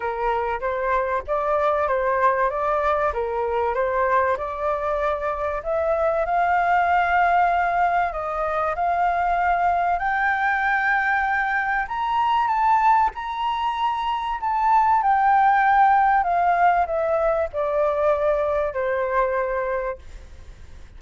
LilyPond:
\new Staff \with { instrumentName = "flute" } { \time 4/4 \tempo 4 = 96 ais'4 c''4 d''4 c''4 | d''4 ais'4 c''4 d''4~ | d''4 e''4 f''2~ | f''4 dis''4 f''2 |
g''2. ais''4 | a''4 ais''2 a''4 | g''2 f''4 e''4 | d''2 c''2 | }